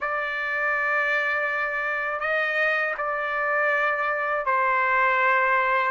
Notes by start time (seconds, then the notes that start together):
0.00 D5
2.20 D#5
2.97 D5
4.45 C5